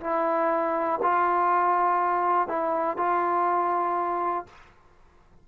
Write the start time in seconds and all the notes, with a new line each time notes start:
0.00 E4
1.02 F4
2.48 E4
2.97 F4